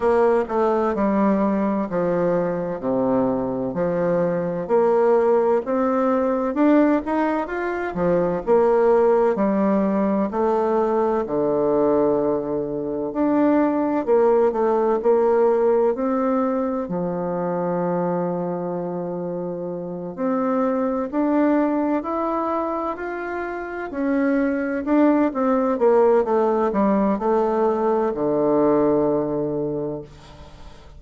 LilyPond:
\new Staff \with { instrumentName = "bassoon" } { \time 4/4 \tempo 4 = 64 ais8 a8 g4 f4 c4 | f4 ais4 c'4 d'8 dis'8 | f'8 f8 ais4 g4 a4 | d2 d'4 ais8 a8 |
ais4 c'4 f2~ | f4. c'4 d'4 e'8~ | e'8 f'4 cis'4 d'8 c'8 ais8 | a8 g8 a4 d2 | }